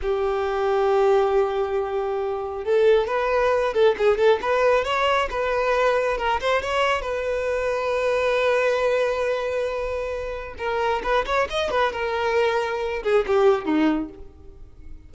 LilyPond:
\new Staff \with { instrumentName = "violin" } { \time 4/4 \tempo 4 = 136 g'1~ | g'2 a'4 b'4~ | b'8 a'8 gis'8 a'8 b'4 cis''4 | b'2 ais'8 c''8 cis''4 |
b'1~ | b'1 | ais'4 b'8 cis''8 dis''8 b'8 ais'4~ | ais'4. gis'8 g'4 dis'4 | }